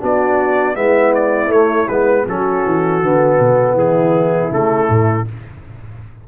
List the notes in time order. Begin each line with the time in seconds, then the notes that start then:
0.00 B3 D4 F#4 D5
0.75 G#3 B3 E4 E5
1.15 D5
1.48 A3 C#5
1.88 G#3 B3 B4
2.27 F#3 C#4 F#4 A4
2.66 E3
3.03 D3 B3
3.39 B2
3.74 E3 E4 G#4
4.51 C#3 A3 A4
4.90 A2